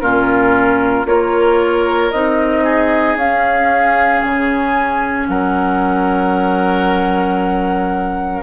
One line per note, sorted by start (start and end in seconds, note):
0.00 1.05 A#2
0.00 1.06 C#4
0.00 1.07 F4
0.00 1.05 A#4
1.05 2.10 A#3
1.05 2.11 F4
1.05 2.63 A#4
1.05 2.11 C#5
2.11 3.15 C4
2.11 3.18 D#4
2.11 3.16 D#5
2.63 5.27 G#4
3.15 4.20 C#4
3.15 8.43 C#4
3.15 4.21 F5
4.21 5.28 C#3
4.21 5.27 G#5
5.28 8.43 F#3
5.28 8.43 A#4
5.28 8.43 F#5